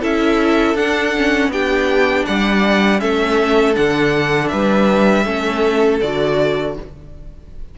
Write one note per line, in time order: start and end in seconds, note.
0.00 0.74 C#4
0.00 0.76 E4
0.00 1.50 A4
0.00 0.76 E5
0.74 1.48 D4
0.74 1.15 D4
0.74 1.51 F#5
1.16 1.52 C#4
1.48 2.23 B3
1.48 2.99 D4
1.48 2.25 G4
1.48 2.25 G5
2.25 3.01 G3
2.25 3.00 D5
2.25 3.00 F#5
2.99 3.76 A3
2.99 3.74 C#4
2.99 4.51 A4
2.99 3.75 E5
3.74 4.52 D3
3.74 5.24 D4
3.74 4.48 F#5
4.48 5.25 G3
4.48 5.24 B4
4.48 5.98 E5
5.24 6.00 A3
5.24 5.99 C#4
5.24 6.74 A4
6.00 6.77 D3
6.00 6.78 F#4
6.00 6.75 D5